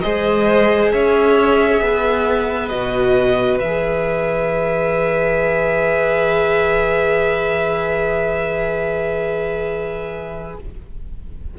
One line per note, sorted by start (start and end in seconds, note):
0.00 0.93 G#3
0.00 2.70 G#4
0.00 0.93 C5
0.00 0.90 D#5
0.92 1.82 C#4
0.92 1.82 C#5
0.92 2.68 E5
1.82 2.71 B3
1.82 10.58 B4
2.68 3.60 B2
2.68 3.60 F#4
2.68 3.58 D#5
3.60 10.54 E3
3.60 10.59 G#4
3.60 10.54 E5